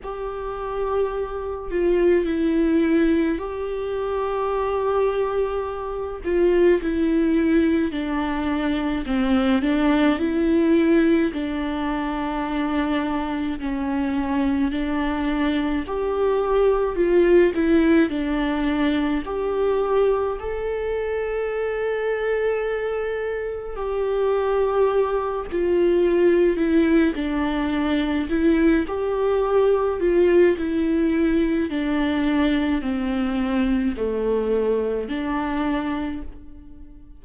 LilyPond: \new Staff \with { instrumentName = "viola" } { \time 4/4 \tempo 4 = 53 g'4. f'8 e'4 g'4~ | g'4. f'8 e'4 d'4 | c'8 d'8 e'4 d'2 | cis'4 d'4 g'4 f'8 e'8 |
d'4 g'4 a'2~ | a'4 g'4. f'4 e'8 | d'4 e'8 g'4 f'8 e'4 | d'4 c'4 a4 d'4 | }